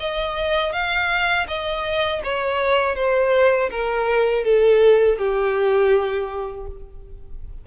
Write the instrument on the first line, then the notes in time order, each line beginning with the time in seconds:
violin
0.00 D#5
0.73 F5
1.48 D#5
2.24 C#5
2.96 C5
3.71 A#4
4.44 A4
5.19 G4